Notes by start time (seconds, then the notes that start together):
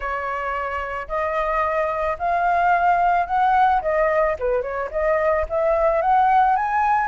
0.00 C#5
1.08 D#5
2.18 F5
3.26 F#5
3.81 D#5
4.39 B4
4.62 C#5
4.91 D#5
5.49 E5
6.01 F#5
6.56 G#5